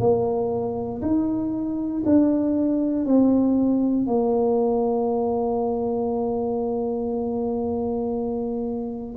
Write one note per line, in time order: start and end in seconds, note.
0.00 1.02 A#3
1.02 2.04 D#4
2.06 3.06 D4
3.06 4.08 C4
4.08 9.16 A#3